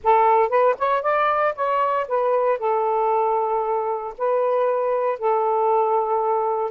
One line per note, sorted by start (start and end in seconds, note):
0.03 0.49 A4
0.49 0.75 B4
0.78 1.02 C#5
1.02 1.54 D5
1.55 2.06 C#5
2.08 2.58 B4
2.58 4.14 A4
4.18 5.18 B4
5.18 6.71 A4